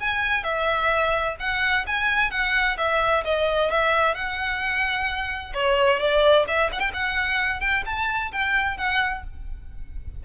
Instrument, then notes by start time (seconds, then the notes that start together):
violin
0.00 G#5
0.43 E5
1.39 F#5
1.87 G#5
2.30 F#5
2.77 E5
3.24 D#5
3.70 E5
4.15 F#5
5.54 C#5
5.99 D5
6.47 E5
6.72 F#5
6.80 G5
6.93 F#5
7.60 G5
7.85 A5
8.32 G5
8.77 F#5